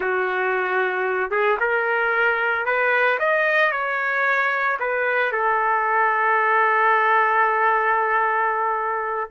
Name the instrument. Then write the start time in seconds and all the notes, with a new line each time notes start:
trumpet
0.00 F#4
1.30 G#4
1.60 A#4
2.65 B4
3.19 D#5
3.71 C#5
4.79 B4
5.32 A4